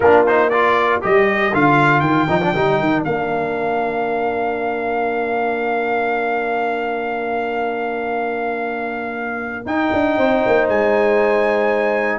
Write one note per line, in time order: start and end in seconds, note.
0.00 1.00 A#3
0.00 0.26 D4
0.00 0.50 F4
0.00 0.25 A#4
0.26 0.52 D#4
0.26 0.49 C5
0.49 1.01 F4
0.49 10.16 A#4
0.49 1.00 D5
1.01 1.53 G3
1.01 1.52 G4
1.01 1.54 D#5
1.53 2.00 D3
1.53 2.28 F4
1.53 2.00 F5
2.00 2.26 D#3
2.00 3.01 G5
2.28 2.54 F3
2.28 2.41 D#4
2.41 2.54 D4
2.54 2.79 G3
2.54 3.05 D#4
2.79 3.05 D#3
3.04 9.65 A#3
3.04 9.66 D4
3.04 9.65 F5
9.65 9.91 D#4
9.65 12.18 D#4
9.65 10.68 G5
9.92 10.17 D4
10.17 10.43 C4
10.17 12.18 C5
10.46 10.68 A#3
10.68 12.18 G#3
10.68 12.18 G#5